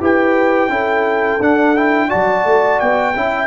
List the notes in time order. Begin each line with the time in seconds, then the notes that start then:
0.00 E4 G4 B4 G5
0.68 C#4 E4 A4
1.40 D4 F#5
1.76 E4 G5
2.07 F#4 D5 A5
2.14 F#3
2.45 A3
2.79 B3 G5
3.15 C#4 E4 E5